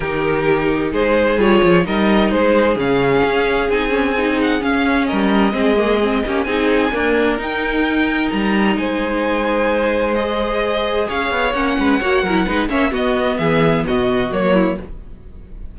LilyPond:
<<
  \new Staff \with { instrumentName = "violin" } { \time 4/4 \tempo 4 = 130 ais'2 c''4 cis''4 | dis''4 c''4 f''2 | gis''4. fis''8 f''4 dis''4~ | dis''2 gis''2 |
g''2 ais''4 gis''4~ | gis''2 dis''2 | f''4 fis''2~ fis''8 e''8 | dis''4 e''4 dis''4 cis''4 | }
  \new Staff \with { instrumentName = "violin" } { \time 4/4 g'2 gis'2 | ais'4 gis'2.~ | gis'2. ais'4 | gis'4. g'8 gis'4 ais'4~ |
ais'2. c''4~ | c''1 | cis''4. b'8 cis''8 ais'8 b'8 cis''8 | fis'4 gis'4 fis'4. e'8 | }
  \new Staff \with { instrumentName = "viola" } { \time 4/4 dis'2. f'4 | dis'2 cis'2 | dis'8 cis'8 dis'4 cis'2 | c'8 ais8 c'8 cis'8 dis'4 ais4 |
dis'1~ | dis'2 gis'2~ | gis'4 cis'4 fis'8 e'8 dis'8 cis'8 | b2. ais4 | }
  \new Staff \with { instrumentName = "cello" } { \time 4/4 dis2 gis4 g8 f8 | g4 gis4 cis4 cis'4 | c'2 cis'4 g4 | gis4. ais8 c'4 d'4 |
dis'2 g4 gis4~ | gis1 | cis'8 b8 ais8 gis8 ais8 fis8 gis8 ais8 | b4 e4 b,4 fis4 | }
>>